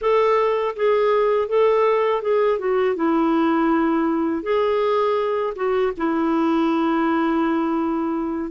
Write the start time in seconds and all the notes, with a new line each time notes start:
0.01 A4
0.76 G#4
1.48 A4
2.22 G#4
2.58 F#4
2.95 E4
4.42 G#4
5.55 F#4
5.97 E4